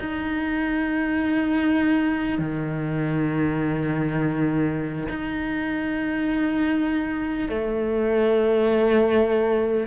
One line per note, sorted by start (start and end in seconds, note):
0.00 2.39 D#4
2.39 5.09 D#3
5.09 7.49 D#4
7.49 9.87 A3